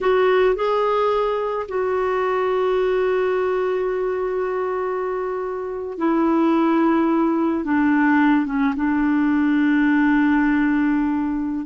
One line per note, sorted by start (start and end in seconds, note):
0.00 0.55 F#4
0.55 1.66 G#4
1.68 5.97 F#4
5.97 7.64 E4
7.64 8.46 D4
8.46 8.73 C#4
8.76 11.66 D4